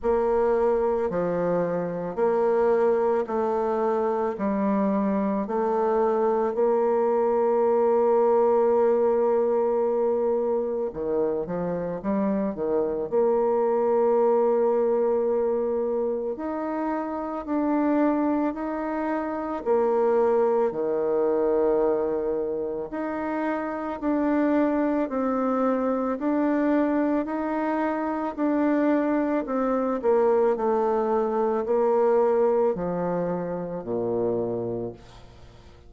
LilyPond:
\new Staff \with { instrumentName = "bassoon" } { \time 4/4 \tempo 4 = 55 ais4 f4 ais4 a4 | g4 a4 ais2~ | ais2 dis8 f8 g8 dis8 | ais2. dis'4 |
d'4 dis'4 ais4 dis4~ | dis4 dis'4 d'4 c'4 | d'4 dis'4 d'4 c'8 ais8 | a4 ais4 f4 ais,4 | }